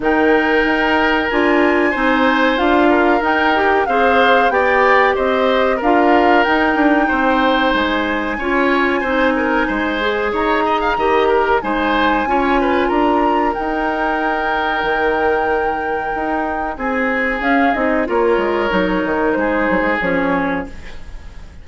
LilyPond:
<<
  \new Staff \with { instrumentName = "flute" } { \time 4/4 \tempo 4 = 93 g''2 gis''2 | f''4 g''4 f''4 g''4 | dis''4 f''4 g''2 | gis''1 |
ais''2 gis''2 | ais''4 g''2.~ | g''2 gis''4 f''8 dis''8 | cis''2 c''4 cis''4 | }
  \new Staff \with { instrumentName = "oboe" } { \time 4/4 ais'2. c''4~ | c''8 ais'4. c''4 d''4 | c''4 ais'2 c''4~ | c''4 cis''4 c''8 ais'8 c''4 |
cis''8 dis''16 f''16 dis''8 ais'8 c''4 cis''8 b'8 | ais'1~ | ais'2 gis'2 | ais'2 gis'2 | }
  \new Staff \with { instrumentName = "clarinet" } { \time 4/4 dis'2 f'4 dis'4 | f'4 dis'8 g'8 gis'4 g'4~ | g'4 f'4 dis'2~ | dis'4 f'4 dis'4. gis'8~ |
gis'4 g'4 dis'4 f'4~ | f'4 dis'2.~ | dis'2. cis'8 dis'8 | f'4 dis'2 cis'4 | }
  \new Staff \with { instrumentName = "bassoon" } { \time 4/4 dis4 dis'4 d'4 c'4 | d'4 dis'4 c'4 b4 | c'4 d'4 dis'8 d'8 c'4 | gis4 cis'4 c'4 gis4 |
dis'4 dis4 gis4 cis'4 | d'4 dis'2 dis4~ | dis4 dis'4 c'4 cis'8 c'8 | ais8 gis8 fis8 dis8 gis8 fis16 gis16 f4 | }
>>